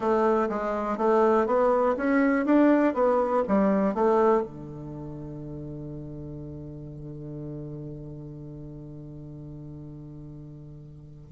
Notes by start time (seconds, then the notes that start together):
0.00 A3
0.49 G#3
0.97 A3
1.46 B3
1.96 C#4
2.45 D4
2.94 B3
3.48 G3
3.94 A3
4.42 D3